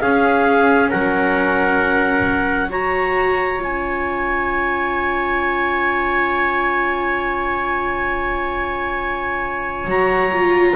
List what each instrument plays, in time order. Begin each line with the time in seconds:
0.00 viola C#4, double bass C#4, trumpet G#4, clarinet F5
0.90 double bass F#3, trumpet A#4, clarinet F#5
2.70 viola F#4, trumpet C#5, clarinet A#5
3.59 double bass C#4, viola F4, clarinet G#5
9.85 double bass F#3, viola F#4, clarinet A#5
10.33 viola F4